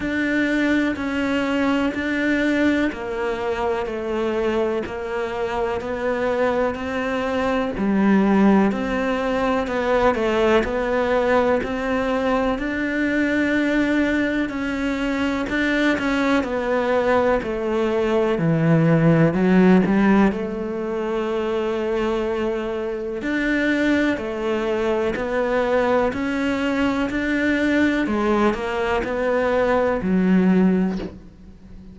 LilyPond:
\new Staff \with { instrumentName = "cello" } { \time 4/4 \tempo 4 = 62 d'4 cis'4 d'4 ais4 | a4 ais4 b4 c'4 | g4 c'4 b8 a8 b4 | c'4 d'2 cis'4 |
d'8 cis'8 b4 a4 e4 | fis8 g8 a2. | d'4 a4 b4 cis'4 | d'4 gis8 ais8 b4 fis4 | }